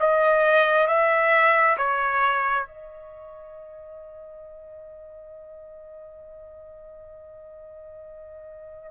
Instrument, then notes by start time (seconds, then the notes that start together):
trumpet
0.00 D#5
0.87 E5
1.77 C#5
2.66 D#5